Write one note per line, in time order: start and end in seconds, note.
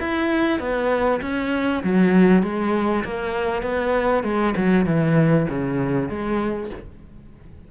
0.00 0.60 E4
0.60 1.21 B3
1.22 1.83 C#4
1.83 2.43 F#3
2.43 3.04 G#3
3.04 3.62 A#3
3.62 4.24 B3
4.24 4.54 G#3
4.56 4.86 F#3
4.86 5.47 E3
5.49 6.09 C#3
6.09 6.70 G#3